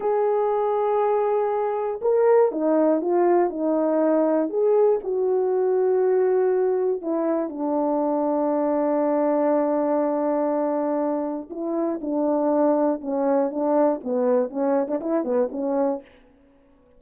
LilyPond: \new Staff \with { instrumentName = "horn" } { \time 4/4 \tempo 4 = 120 gis'1 | ais'4 dis'4 f'4 dis'4~ | dis'4 gis'4 fis'2~ | fis'2 e'4 d'4~ |
d'1~ | d'2. e'4 | d'2 cis'4 d'4 | b4 cis'8. d'16 e'8 b8 cis'4 | }